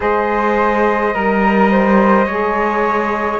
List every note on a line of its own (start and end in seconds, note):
0.00 1.14 G#3
0.00 1.13 G#4
0.00 1.13 C5
0.00 3.39 D#5
1.13 2.26 G3
1.13 2.26 A#4
1.13 1.70 A#4
1.71 2.26 C5
2.26 3.39 G#3
2.26 3.39 G#4
2.26 3.39 C#5